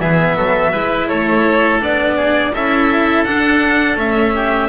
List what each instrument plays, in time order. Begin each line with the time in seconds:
0.00 double bass E3, cello B3, oboe G#4, violin E5
0.37 double bass F#3, oboe A4
0.72 double bass G#3, cello E4, oboe B4
1.08 double bass A3, oboe A4, violin C#5
1.80 double bass B3, cello D4, violin D5
2.17 oboe G#4
2.54 double bass C#4, cello E4, oboe A4, violin E5
3.25 cello D4, double bass D4, violin F#5
3.96 double bass A3, cello C#4, violin E5
4.35 oboe G4